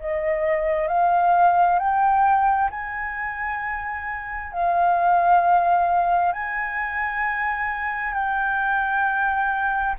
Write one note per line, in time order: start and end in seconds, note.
0.00 0.88 D#5
0.88 1.79 F5
1.79 2.70 G5
2.71 4.52 G#5
4.52 6.33 F5
6.33 8.14 G#5
8.14 9.95 G5